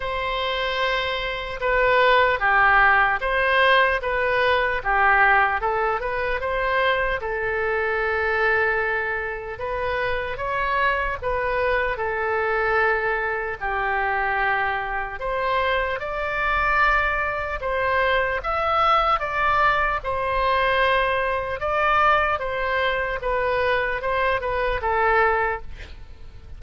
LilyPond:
\new Staff \with { instrumentName = "oboe" } { \time 4/4 \tempo 4 = 75 c''2 b'4 g'4 | c''4 b'4 g'4 a'8 b'8 | c''4 a'2. | b'4 cis''4 b'4 a'4~ |
a'4 g'2 c''4 | d''2 c''4 e''4 | d''4 c''2 d''4 | c''4 b'4 c''8 b'8 a'4 | }